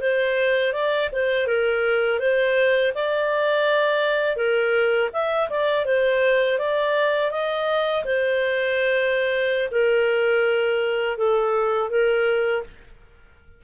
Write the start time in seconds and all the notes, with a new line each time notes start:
0.00 C5
0.73 D5
1.12 C5
1.47 A#4
2.19 C5
2.94 D5
4.36 A#4
5.13 E5
5.49 D5
5.85 C5
6.59 D5
7.31 D#5
8.05 C5
9.71 A#4
11.17 A4
11.89 A#4